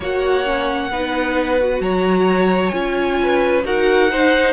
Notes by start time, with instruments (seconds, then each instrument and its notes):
0.00 cello A#3, viola F#4, violin C#5 F#5
0.44 viola C#4
0.90 cello B3, viola D#4, violin B4
1.59 viola F#4
1.80 cello F#3, violin C#5 A#5
2.69 cello C#4, viola F4, violin G#5
3.22 violin B4
3.64 cello D#4, viola F#4, violin A#4 F#5
4.09 viola D#4, violin C5